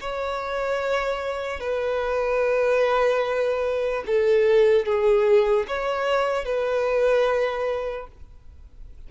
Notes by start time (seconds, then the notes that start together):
0.00 C#5
1.60 B4
4.06 A4
4.85 G#4
5.68 C#5
6.45 B4